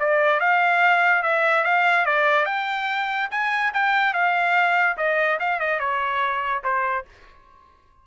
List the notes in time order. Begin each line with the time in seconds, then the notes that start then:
0.00 D5
0.41 F5
1.23 E5
1.64 F5
2.06 D5
2.46 G5
3.31 G#5
3.74 G5
4.14 F5
4.98 D#5
5.40 F5
5.60 D#5
5.80 C#5
6.64 C5